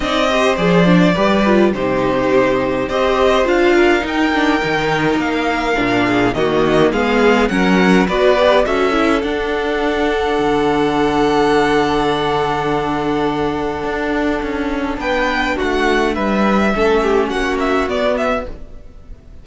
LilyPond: <<
  \new Staff \with { instrumentName = "violin" } { \time 4/4 \tempo 4 = 104 dis''4 d''2 c''4~ | c''4 dis''4 f''4 g''4~ | g''4 f''2 dis''4 | f''4 fis''4 d''4 e''4 |
fis''1~ | fis''1~ | fis''2 g''4 fis''4 | e''2 fis''8 e''8 d''8 e''8 | }
  \new Staff \with { instrumentName = "violin" } { \time 4/4 d''8 c''4. b'4 g'4~ | g'4 c''4. ais'4.~ | ais'2~ ais'8 gis'8 fis'4 | gis'4 ais'4 b'4 a'4~ |
a'1~ | a'1~ | a'2 b'4 fis'4 | b'4 a'8 g'8 fis'2 | }
  \new Staff \with { instrumentName = "viola" } { \time 4/4 dis'8 g'8 gis'8 d'8 g'8 f'8 dis'4~ | dis'4 g'4 f'4 dis'8 d'8 | dis'2 d'4 ais4 | b4 cis'4 fis'8 g'8 fis'8 e'8 |
d'1~ | d'1~ | d'1~ | d'4 cis'2 b4 | }
  \new Staff \with { instrumentName = "cello" } { \time 4/4 c'4 f4 g4 c4~ | c4 c'4 d'4 dis'4 | dis4 ais4 ais,4 dis4 | gis4 fis4 b4 cis'4 |
d'2 d2~ | d1 | d'4 cis'4 b4 a4 | g4 a4 ais4 b4 | }
>>